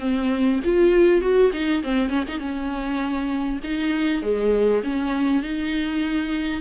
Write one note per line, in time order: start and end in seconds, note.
0.00 0.60 C4
0.64 1.21 F4
1.21 1.51 F#4
1.53 1.83 D#4
1.83 2.09 C4
2.09 2.24 C#4
2.28 2.39 D#4
2.39 3.59 C#4
3.64 4.22 D#4
4.22 4.82 G#3
4.84 5.43 C#4
5.43 6.61 D#4